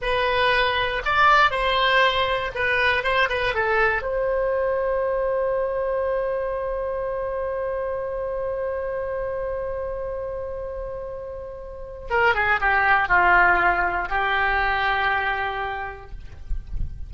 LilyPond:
\new Staff \with { instrumentName = "oboe" } { \time 4/4 \tempo 4 = 119 b'2 d''4 c''4~ | c''4 b'4 c''8 b'8 a'4 | c''1~ | c''1~ |
c''1~ | c''1 | ais'8 gis'8 g'4 f'2 | g'1 | }